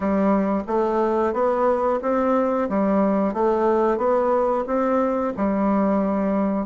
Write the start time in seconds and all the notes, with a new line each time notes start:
0.00 G3
0.67 A3
1.33 B3
2.02 C4
2.69 G3
3.33 A3
3.97 B3
4.66 C4
5.37 G3